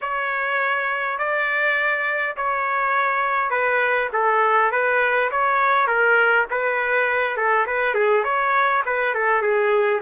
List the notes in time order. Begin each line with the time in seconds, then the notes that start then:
0.01 C#5
1.18 D5
2.36 C#5
3.50 B4
4.13 A4
4.71 B4
5.31 C#5
5.87 A#4
6.50 B4
7.36 A4
7.66 B4
7.94 G#4
8.24 C#5
8.85 B4
9.14 A4
9.41 G#4